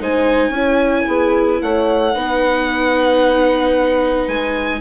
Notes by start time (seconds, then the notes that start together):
0.00 G#3 D#4 C5 G#5
0.49 C#4 E4 C#5
1.06 B3 G#4
1.61 A3 C#5 F#5
2.14 B3 D#4 B4
4.27 G#3 G#5